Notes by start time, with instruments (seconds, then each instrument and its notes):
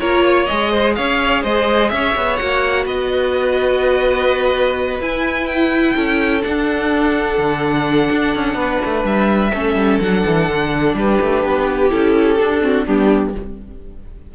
0.00 cello A#3, viola F4, violin A#4 C#5
0.25 violin C#5
0.46 cello G#3, viola G#4, violin D#5
0.71 violin C5
0.96 cello C#4, violin C#5 F5
1.43 cello G#3, violin C5 D#5
1.90 cello C#4, violin C#5 E5
2.16 cello B3
2.37 cello A#3, viola F#4, violin F#5
2.85 cello B3, violin B4 D#5
5.00 cello E4, viola E4, violin G#5
5.47 violin G5
5.96 cello C#4, violin A4
6.41 viola D4, cello D4, violin F#5
7.38 cello D3
8.12 cello D4
8.35 cello C#4
8.55 cello B3, violin B4
8.85 cello A3
9.04 cello G3, violin E5
9.54 cello A3, viola C#4, violin A4
9.75 cello G3
10.00 cello F#3, viola D4, violin F#5
10.27 cello E3
10.49 cello D3
10.95 cello G3, violin G4 B4
11.21 cello A3
11.44 cello B3
11.90 cello C#4, viola E4, violin A4
12.38 viola D4, cello D4
12.62 viola C4, violin F#4
12.86 cello G3, viola B3, violin D4 G4